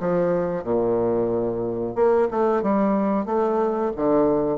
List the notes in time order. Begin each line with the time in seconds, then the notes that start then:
0.00 F3
0.64 A#2
1.95 A#3
2.31 A3
2.63 G3
3.26 A3
3.96 D3